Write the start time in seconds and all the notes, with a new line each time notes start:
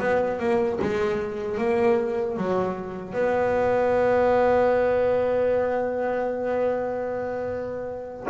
0.00 B3
0.40 A#3
0.82 G#3
1.58 A#3
2.38 F#3
3.14 B3